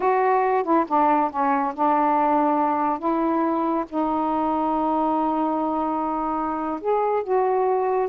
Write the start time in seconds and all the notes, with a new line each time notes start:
0.00 F#4
0.63 E4
0.88 D4
1.30 C#4
1.74 D4
2.98 E4
3.89 D#4
6.80 G#4
7.23 F#4